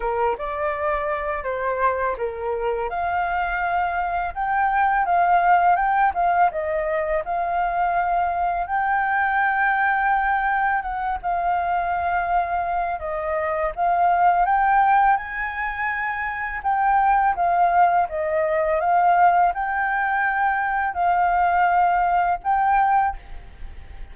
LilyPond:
\new Staff \with { instrumentName = "flute" } { \time 4/4 \tempo 4 = 83 ais'8 d''4. c''4 ais'4 | f''2 g''4 f''4 | g''8 f''8 dis''4 f''2 | g''2. fis''8 f''8~ |
f''2 dis''4 f''4 | g''4 gis''2 g''4 | f''4 dis''4 f''4 g''4~ | g''4 f''2 g''4 | }